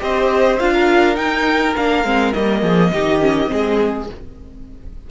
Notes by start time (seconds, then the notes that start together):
0.00 C4 G4 C5 D#5
0.59 D4 F4 F5
0.73 A#4
1.15 D#4 G5
1.77 A#3 D4 F5
2.04 G#3 C4
2.34 G3 A#3 D#5
2.61 F3 G#4
2.93 D#3 D#4 G4
3.21 C#4
3.47 G#3 C4 G#4